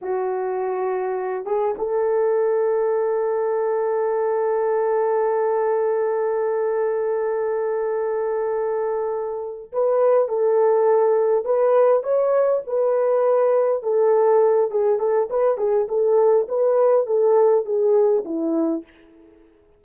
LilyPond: \new Staff \with { instrumentName = "horn" } { \time 4/4 \tempo 4 = 102 fis'2~ fis'8 gis'8 a'4~ | a'1~ | a'1~ | a'1~ |
a'8 b'4 a'2 b'8~ | b'8 cis''4 b'2 a'8~ | a'4 gis'8 a'8 b'8 gis'8 a'4 | b'4 a'4 gis'4 e'4 | }